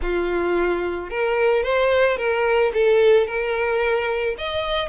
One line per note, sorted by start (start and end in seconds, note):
0.02 1.10 F4
1.10 1.63 A#4
1.63 2.17 C5
2.17 2.71 A#4
2.73 3.27 A4
3.27 4.36 A#4
4.38 4.88 D#5